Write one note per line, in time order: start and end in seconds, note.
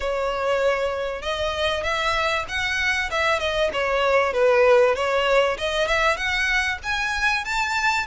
0.00 1.22 C#5
1.22 1.83 D#5
1.83 2.45 E5
2.48 3.10 F#5
3.11 3.39 E5
3.39 3.70 D#5
3.72 4.33 C#5
4.33 4.95 B4
4.95 5.57 C#5
5.58 5.87 D#5
5.87 6.16 E5
6.16 6.78 F#5
6.83 7.44 G#5
7.44 8.06 A5